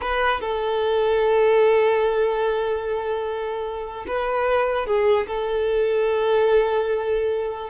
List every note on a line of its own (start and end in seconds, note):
0.01 0.41 B4
0.41 4.05 A4
4.07 4.86 B4
4.86 5.26 G#4
5.27 7.70 A4